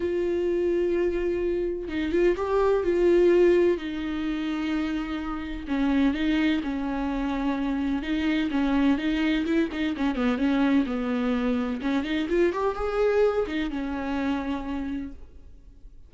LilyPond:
\new Staff \with { instrumentName = "viola" } { \time 4/4 \tempo 4 = 127 f'1 | dis'8 f'8 g'4 f'2 | dis'1 | cis'4 dis'4 cis'2~ |
cis'4 dis'4 cis'4 dis'4 | e'8 dis'8 cis'8 b8 cis'4 b4~ | b4 cis'8 dis'8 f'8 g'8 gis'4~ | gis'8 dis'8 cis'2. | }